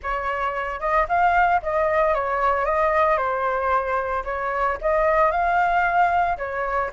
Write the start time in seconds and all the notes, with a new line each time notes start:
0.02 C#5
0.79 D#5
1.08 F5
1.62 D#5
2.14 C#5
2.65 D#5
3.17 C5
4.24 C#5
4.81 D#5
5.31 F5
6.37 C#5